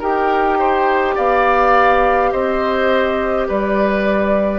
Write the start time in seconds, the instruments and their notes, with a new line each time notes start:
0.00 bassoon D#4, clarinet G4, oboe A#4, flute G5
0.60 oboe C5
1.15 bassoon B3, oboe D5, flute F5
2.32 bassoon C4, oboe C5, flute D#5
3.48 bassoon G3, oboe B4, flute D5